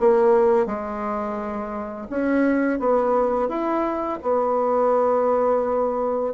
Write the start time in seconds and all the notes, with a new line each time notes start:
0.00 A#3
0.66 G#3
2.10 C#4
2.80 B3
3.49 E4
4.23 B3